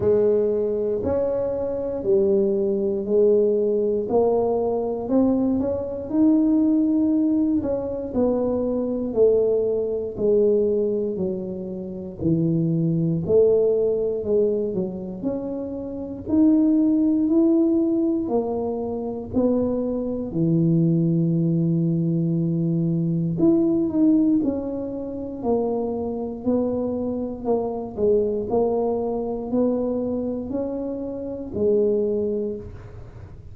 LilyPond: \new Staff \with { instrumentName = "tuba" } { \time 4/4 \tempo 4 = 59 gis4 cis'4 g4 gis4 | ais4 c'8 cis'8 dis'4. cis'8 | b4 a4 gis4 fis4 | e4 a4 gis8 fis8 cis'4 |
dis'4 e'4 ais4 b4 | e2. e'8 dis'8 | cis'4 ais4 b4 ais8 gis8 | ais4 b4 cis'4 gis4 | }